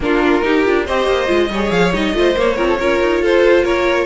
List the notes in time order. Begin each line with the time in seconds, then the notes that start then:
0.00 A#3 D4 F4 A#4
0.42 D#4 G4
0.64 D4 F4
0.85 C4 G4 C5 D#5
1.07 A#3
1.27 G#3 F4
1.49 G3 G#4 C#5
1.71 F3 F5
1.93 G3 D#4 D#5
2.13 A3 F4 C5
2.35 A#3 C#5
2.56 F3 C4 A#4
2.67 A4
2.79 C#4 F4 A#4
3.00 D#4
3.21 F4 A4 C5
3.63 A#3 A#4 C#5